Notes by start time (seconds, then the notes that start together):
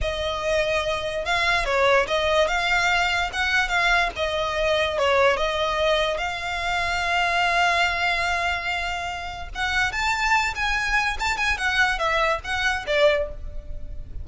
0.01 D#5
1.25 F5
1.65 C#5
2.07 D#5
2.47 F5
3.32 F#5
3.68 F5
4.16 D#5
4.98 C#5
5.36 D#5
6.17 F5
9.55 F#5
9.92 A5
10.55 G#5
11.19 A5
11.37 G#5
11.57 F#5
11.98 E5
12.44 F#5
12.86 D5